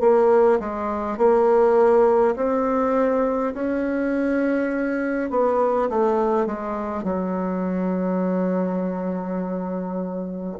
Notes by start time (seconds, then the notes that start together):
0.00 A#3
0.60 G#3
1.17 A#3
2.36 C4
3.53 C#4
5.30 B3
5.89 A3
6.46 G#3
7.03 F#3